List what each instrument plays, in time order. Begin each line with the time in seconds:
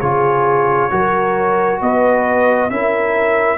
0.00 tuba C#3, trombone F4, horn G#4, trumpet C#5
0.90 tuba F#3, trombone F#4, horn A#4
1.81 tuba B3, horn B4, trumpet D#5
2.70 tuba C#4, trombone E4, horn A#4, trumpet E5